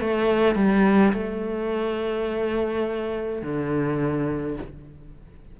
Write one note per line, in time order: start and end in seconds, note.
0.00 0.55 A3
0.55 1.12 G3
1.13 3.41 A3
3.41 4.57 D3